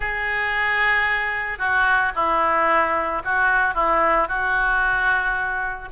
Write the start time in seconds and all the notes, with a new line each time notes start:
0.00 G#4
1.58 F#4
2.15 E4
3.24 F#4
3.74 E4
4.28 F#4